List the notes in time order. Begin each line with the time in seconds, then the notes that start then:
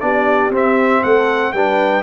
0.00 B3 D4 G4 D5
0.50 C4
0.56 E5
1.03 A3 A4 F#5
1.52 G3 D4 B4 G5